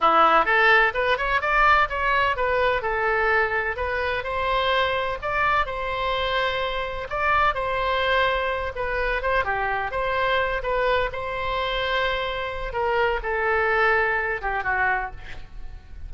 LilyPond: \new Staff \with { instrumentName = "oboe" } { \time 4/4 \tempo 4 = 127 e'4 a'4 b'8 cis''8 d''4 | cis''4 b'4 a'2 | b'4 c''2 d''4 | c''2. d''4 |
c''2~ c''8 b'4 c''8 | g'4 c''4. b'4 c''8~ | c''2. ais'4 | a'2~ a'8 g'8 fis'4 | }